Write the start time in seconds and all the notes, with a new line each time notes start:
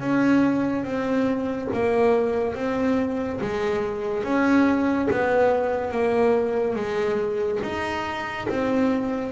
0.00 C#4
0.84 C4
1.73 A#3
2.55 C4
3.41 G#3
4.24 C#4
5.10 B3
5.91 A#3
6.75 G#3
7.63 D#4
8.49 C4